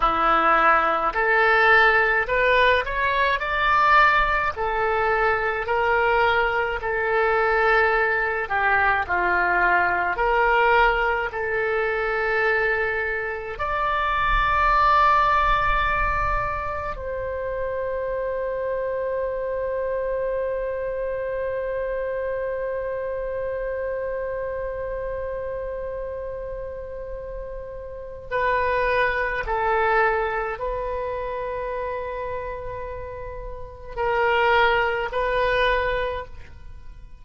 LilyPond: \new Staff \with { instrumentName = "oboe" } { \time 4/4 \tempo 4 = 53 e'4 a'4 b'8 cis''8 d''4 | a'4 ais'4 a'4. g'8 | f'4 ais'4 a'2 | d''2. c''4~ |
c''1~ | c''1~ | c''4 b'4 a'4 b'4~ | b'2 ais'4 b'4 | }